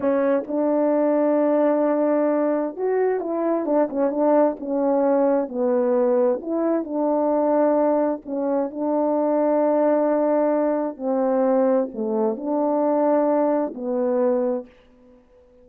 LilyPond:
\new Staff \with { instrumentName = "horn" } { \time 4/4 \tempo 4 = 131 cis'4 d'2.~ | d'2 fis'4 e'4 | d'8 cis'8 d'4 cis'2 | b2 e'4 d'4~ |
d'2 cis'4 d'4~ | d'1 | c'2 a4 d'4~ | d'2 b2 | }